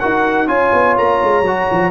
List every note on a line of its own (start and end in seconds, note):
0.00 0.48 D#4
0.00 0.48 F#4
0.00 0.49 A#4
0.00 0.48 F#5
0.48 0.72 C#4
0.48 1.44 F4
0.48 1.92 C#5
0.48 0.96 G#5
0.73 0.97 B3
0.98 1.22 A#3
0.98 1.92 A#5
1.23 1.41 G#3
1.41 1.65 F#3
1.47 1.92 F#4
1.72 1.92 F3